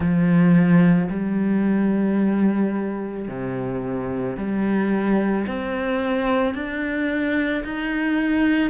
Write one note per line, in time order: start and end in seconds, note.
0.00 1.09 F3
1.09 3.27 G3
3.27 4.36 C3
4.36 5.45 G3
5.46 6.54 C4
6.54 7.63 D4
7.64 8.70 D#4